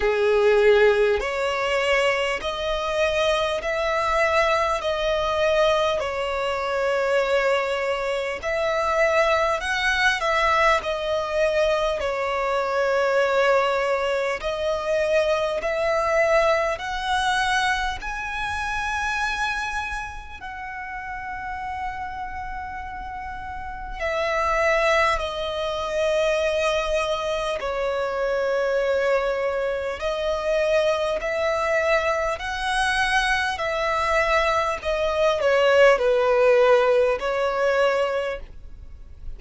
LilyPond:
\new Staff \with { instrumentName = "violin" } { \time 4/4 \tempo 4 = 50 gis'4 cis''4 dis''4 e''4 | dis''4 cis''2 e''4 | fis''8 e''8 dis''4 cis''2 | dis''4 e''4 fis''4 gis''4~ |
gis''4 fis''2. | e''4 dis''2 cis''4~ | cis''4 dis''4 e''4 fis''4 | e''4 dis''8 cis''8 b'4 cis''4 | }